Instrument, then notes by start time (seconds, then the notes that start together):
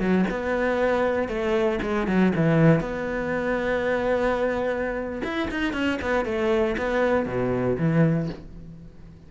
cello
0.00 F#3
0.30 B3
1.28 A3
1.82 G#3
2.07 F#3
2.36 E3
2.80 B3
5.23 E4
5.51 D#4
5.73 C#4
6.02 B3
6.25 A3
6.77 B3
7.26 B2
7.78 E3